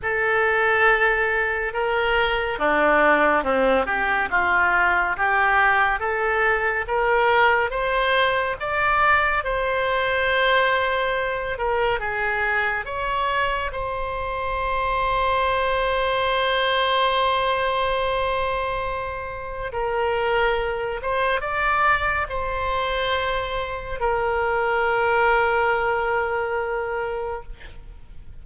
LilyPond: \new Staff \with { instrumentName = "oboe" } { \time 4/4 \tempo 4 = 70 a'2 ais'4 d'4 | c'8 g'8 f'4 g'4 a'4 | ais'4 c''4 d''4 c''4~ | c''4. ais'8 gis'4 cis''4 |
c''1~ | c''2. ais'4~ | ais'8 c''8 d''4 c''2 | ais'1 | }